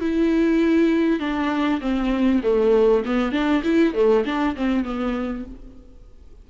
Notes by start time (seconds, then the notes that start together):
0.00 E4
1.20 D4
1.80 C4
2.43 A3
3.05 B3
3.32 D4
3.63 E4
3.94 A3
4.25 D4
4.56 C4
4.84 B3